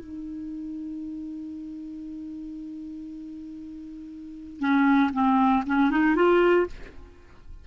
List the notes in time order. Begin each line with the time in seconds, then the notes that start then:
0.00 D#4
4.60 C#4
5.13 C4
5.67 C#4
5.91 D#4
6.16 F4